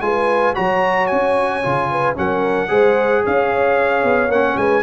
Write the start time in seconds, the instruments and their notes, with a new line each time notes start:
0.00 tuba G#3, trombone F4, horn B4, trumpet G#5
0.54 tuba F#3, trombone F#4, horn C#5, trumpet A#5
1.06 tuba C#4, trumpet G#5
1.62 tuba C#3, trombone F4
1.91 horn B4
2.14 tuba F#3, trombone C#4, horn A#4, trumpet F#5
2.68 tuba G#3, trombone G#4, horn C5
3.23 tuba C#4, horn C#5, trumpet F5
4.03 tuba B3
4.28 tuba A#3, trombone C#4, trumpet F#5
4.56 tuba G#3, horn B4, trumpet G#5